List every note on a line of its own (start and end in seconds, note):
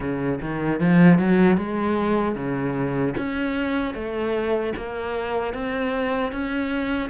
0.00 0.39 C#3
0.41 0.79 D#3
0.79 1.18 F3
1.18 1.57 F#3
1.57 2.35 G#3
2.35 3.14 C#3
3.17 3.94 C#4
3.94 4.73 A3
4.76 5.53 A#3
5.53 6.32 C4
6.32 7.09 C#4